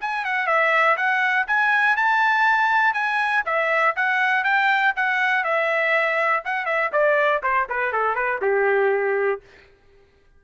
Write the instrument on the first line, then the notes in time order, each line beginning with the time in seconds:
trumpet
0.00 G#5
0.24 F#5
0.47 E5
0.96 F#5
1.47 G#5
1.96 A5
2.93 G#5
3.45 E5
3.95 F#5
4.44 G5
4.96 F#5
5.44 E5
6.45 F#5
6.65 E5
6.92 D5
7.42 C5
7.69 B4
7.92 A4
8.15 B4
8.41 G4